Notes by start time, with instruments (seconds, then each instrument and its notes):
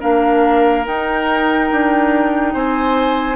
0.00 bassoon A#3, clarinet D4, oboe A#4, flute F5
0.84 clarinet D#4, bassoon D#4, flute G5
1.71 bassoon D4
2.54 bassoon C4, oboe C5, flute G#5